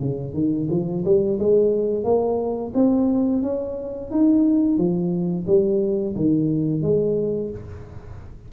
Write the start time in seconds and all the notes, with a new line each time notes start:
0.00 C#3
0.34 D#3
0.70 F3
1.05 G3
1.39 G#3
2.04 A#3
2.75 C4
3.43 C#4
4.11 D#4
4.78 F3
5.47 G3
6.16 D#3
6.82 G#3